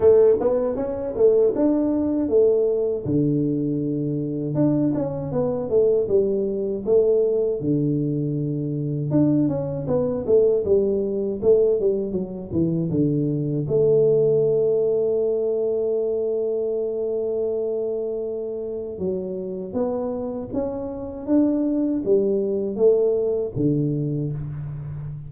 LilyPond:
\new Staff \with { instrumentName = "tuba" } { \time 4/4 \tempo 4 = 79 a8 b8 cis'8 a8 d'4 a4 | d2 d'8 cis'8 b8 a8 | g4 a4 d2 | d'8 cis'8 b8 a8 g4 a8 g8 |
fis8 e8 d4 a2~ | a1~ | a4 fis4 b4 cis'4 | d'4 g4 a4 d4 | }